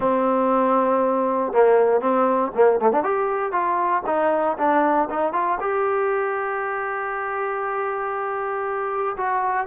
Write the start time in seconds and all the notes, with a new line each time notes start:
0.00 C4
1.53 A#3
2.01 C4
2.54 A#3
2.80 A3
2.92 D4
3.03 G4
3.52 F4
4.06 D#4
4.58 D4
5.09 D#4
5.33 F4
5.60 G4
9.16 F#4